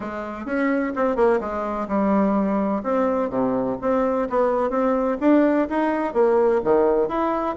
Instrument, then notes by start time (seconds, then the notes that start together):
bassoon
0.00 G#3
0.45 C#4
0.95 C4
1.16 A#3
1.40 G#3
1.88 G3
2.83 C4
3.29 C3
3.81 C4
4.29 B3
4.70 C4
5.20 D4
5.69 D#4
6.13 A#3
6.64 D#3
7.08 E4